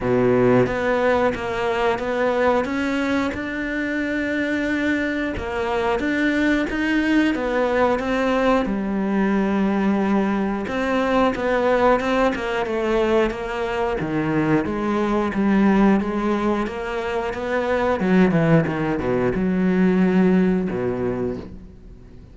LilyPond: \new Staff \with { instrumentName = "cello" } { \time 4/4 \tempo 4 = 90 b,4 b4 ais4 b4 | cis'4 d'2. | ais4 d'4 dis'4 b4 | c'4 g2. |
c'4 b4 c'8 ais8 a4 | ais4 dis4 gis4 g4 | gis4 ais4 b4 fis8 e8 | dis8 b,8 fis2 b,4 | }